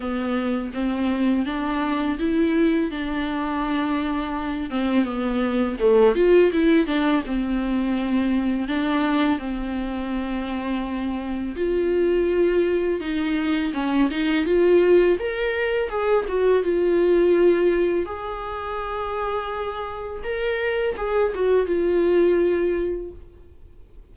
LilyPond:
\new Staff \with { instrumentName = "viola" } { \time 4/4 \tempo 4 = 83 b4 c'4 d'4 e'4 | d'2~ d'8 c'8 b4 | a8 f'8 e'8 d'8 c'2 | d'4 c'2. |
f'2 dis'4 cis'8 dis'8 | f'4 ais'4 gis'8 fis'8 f'4~ | f'4 gis'2. | ais'4 gis'8 fis'8 f'2 | }